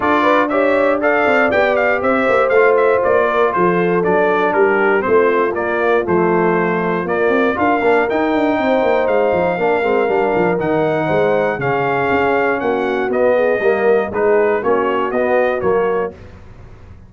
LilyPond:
<<
  \new Staff \with { instrumentName = "trumpet" } { \time 4/4 \tempo 4 = 119 d''4 e''4 f''4 g''8 f''8 | e''4 f''8 e''8 d''4 c''4 | d''4 ais'4 c''4 d''4 | c''2 d''4 f''4 |
g''2 f''2~ | f''4 fis''2 f''4~ | f''4 fis''4 dis''2 | b'4 cis''4 dis''4 cis''4 | }
  \new Staff \with { instrumentName = "horn" } { \time 4/4 a'8 b'8 cis''4 d''2 | c''2~ c''8 ais'8 a'4~ | a'4 g'4 f'2~ | f'2. ais'4~ |
ais'4 c''2 ais'4~ | ais'2 c''4 gis'4~ | gis'4 fis'4. gis'8 ais'4 | gis'4 fis'2. | }
  \new Staff \with { instrumentName = "trombone" } { \time 4/4 f'4 g'4 a'4 g'4~ | g'4 f'2. | d'2 c'4 ais4 | a2 ais4 f'8 d'8 |
dis'2. d'8 c'8 | d'4 dis'2 cis'4~ | cis'2 b4 ais4 | dis'4 cis'4 b4 ais4 | }
  \new Staff \with { instrumentName = "tuba" } { \time 4/4 d'2~ d'8 c'8 b4 | c'8 ais8 a4 ais4 f4 | fis4 g4 a4 ais4 | f2 ais8 c'8 d'8 ais8 |
dis'8 d'8 c'8 ais8 gis8 f8 ais8 gis8 | g8 f8 dis4 gis4 cis4 | cis'4 ais4 b4 g4 | gis4 ais4 b4 fis4 | }
>>